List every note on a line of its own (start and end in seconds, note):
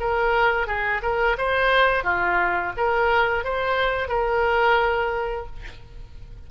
0.00 0.67 A#4
0.67 1.02 G#4
1.02 1.37 A#4
1.38 2.04 C5
2.04 2.73 F4
2.77 3.44 A#4
3.44 4.08 C5
4.08 5.46 A#4